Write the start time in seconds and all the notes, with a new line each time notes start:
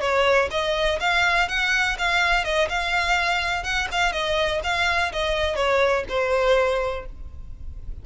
0.00 C#5
0.50 D#5
1.00 F5
1.48 F#5
1.98 F5
2.44 D#5
2.69 F5
3.63 F#5
3.91 F5
4.12 D#5
4.63 F5
5.12 D#5
5.55 C#5
6.08 C5